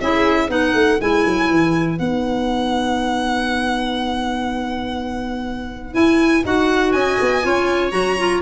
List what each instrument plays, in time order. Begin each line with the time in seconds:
0.00 tuba C#4, clarinet E4, viola G#4, violin E5
0.48 tuba B3, clarinet D#4, viola B4, violin F#5
0.74 tuba A3
1.00 tuba G#3, clarinet E4, violin G#5
1.26 tuba F#3
1.50 tuba E3
1.98 tuba B3, clarinet D#4, violin F#5
5.93 clarinet E4, tuba E4, violin G#5
6.44 tuba D#4, clarinet F#4, violin F#5
6.92 tuba C#4, viola D#5, violin G#5
7.21 tuba B3
7.43 tuba C#4, clarinet F4, viola C#5
7.90 tuba F#3, clarinet F#4, violin A#5
8.18 clarinet F4